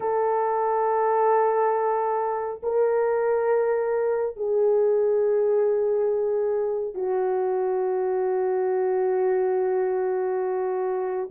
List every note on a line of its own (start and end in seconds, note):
0.00 2.60 A4
2.62 4.36 A#4
4.36 6.94 G#4
6.94 11.29 F#4